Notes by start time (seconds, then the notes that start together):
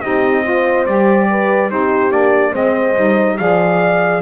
0.00 C4 D#4 G4 D#5
0.44 F4 C5
0.85 G3 G4 D5
1.30 B4
1.69 C4 D#4 G4 C5
2.11 A#3 D4 D5
2.51 G#3 C4 C5 D#5
2.96 G3 D#4
3.37 F3 G#4 D5 F5